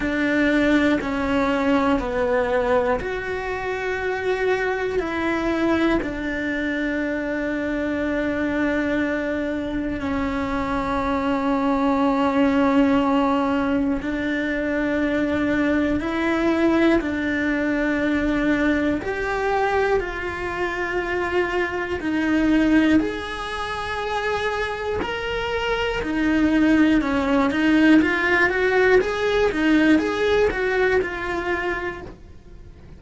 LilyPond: \new Staff \with { instrumentName = "cello" } { \time 4/4 \tempo 4 = 60 d'4 cis'4 b4 fis'4~ | fis'4 e'4 d'2~ | d'2 cis'2~ | cis'2 d'2 |
e'4 d'2 g'4 | f'2 dis'4 gis'4~ | gis'4 ais'4 dis'4 cis'8 dis'8 | f'8 fis'8 gis'8 dis'8 gis'8 fis'8 f'4 | }